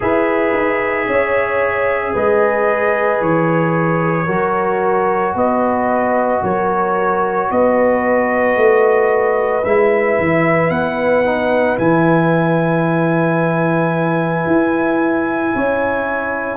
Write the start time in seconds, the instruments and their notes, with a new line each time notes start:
0.00 tuba E4, trombone G#4, horn B4, trumpet E5
0.53 tuba D#4
1.07 tuba C#4, horn C#5
2.13 tuba G#3, horn B4, trumpet D#5
3.21 tuba E3, trumpet C#5
4.26 tuba F#3, trombone F#4, horn A#4
5.34 tuba B3, horn B4, trumpet D#5
6.42 tuba F#3, horn A#4, trumpet C#5
7.51 tuba B3, horn B4, trumpet D#5
8.56 tuba A3
9.64 tuba G#3, trombone E4, trumpet E5
10.18 tuba E3
10.70 tuba B3, trumpet F#5
11.25 trombone D#4
11.77 tuba E3, trombone E4, trumpet G#5
14.46 tuba E4
15.55 tuba C#4, horn C#5